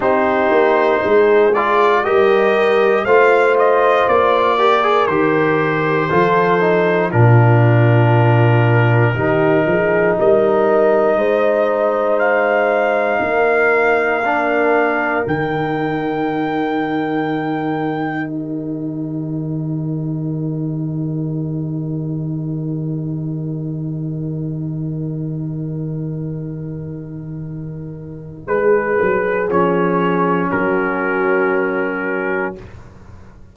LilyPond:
<<
  \new Staff \with { instrumentName = "trumpet" } { \time 4/4 \tempo 4 = 59 c''4. d''8 dis''4 f''8 dis''8 | d''4 c''2 ais'4~ | ais'2 dis''2 | f''2. g''4~ |
g''2 ais'2~ | ais'1~ | ais'1 | b'4 cis''4 ais'2 | }
  \new Staff \with { instrumentName = "horn" } { \time 4/4 g'4 gis'4 ais'4 c''4~ | c''8 ais'4. a'4 f'4~ | f'4 g'8 gis'8 ais'4 c''4~ | c''4 ais'2.~ |
ais'2 g'2~ | g'1~ | g'1 | gis'2 fis'2 | }
  \new Staff \with { instrumentName = "trombone" } { \time 4/4 dis'4. f'8 g'4 f'4~ | f'8 g'16 gis'16 g'4 f'8 dis'8 d'4~ | d'4 dis'2.~ | dis'2 d'4 dis'4~ |
dis'1~ | dis'1~ | dis'1~ | dis'4 cis'2. | }
  \new Staff \with { instrumentName = "tuba" } { \time 4/4 c'8 ais8 gis4 g4 a4 | ais4 dis4 f4 ais,4~ | ais,4 dis8 f8 g4 gis4~ | gis4 ais2 dis4~ |
dis1~ | dis1~ | dis1 | gis8 fis8 f4 fis2 | }
>>